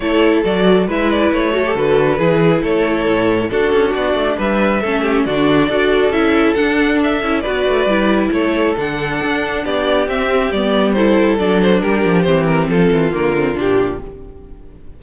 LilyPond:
<<
  \new Staff \with { instrumentName = "violin" } { \time 4/4 \tempo 4 = 137 cis''4 d''4 e''8 d''8 cis''4 | b'2 cis''2 | a'4 d''4 e''2 | d''2 e''4 fis''4 |
e''4 d''2 cis''4 | fis''2 d''4 e''4 | d''4 c''4 d''8 c''8 ais'4 | c''8 ais'8 a'4 ais'4 g'4 | }
  \new Staff \with { instrumentName = "violin" } { \time 4/4 a'2 b'4. a'8~ | a'4 gis'4 a'2 | fis'2 b'4 a'8 g'8 | fis'4 a'2.~ |
a'4 b'2 a'4~ | a'2 g'2~ | g'4 a'2 g'4~ | g'4 f'2. | }
  \new Staff \with { instrumentName = "viola" } { \time 4/4 e'4 fis'4 e'4. fis'16 g'16 | fis'4 e'2. | d'2. cis'4 | d'4 fis'4 e'4 d'4~ |
d'8 e'8 fis'4 e'2 | d'2. c'4 | b4 e'4 d'2 | c'2 ais8 c'8 d'4 | }
  \new Staff \with { instrumentName = "cello" } { \time 4/4 a4 fis4 gis4 a4 | d4 e4 a4 a,4 | d'8 cis'8 b8 a8 g4 a4 | d4 d'4 cis'4 d'4~ |
d'8 cis'8 b8 a8 g4 a4 | d4 d'4 b4 c'4 | g2 fis4 g8 f8 | e4 f8 e8 d4 ais,4 | }
>>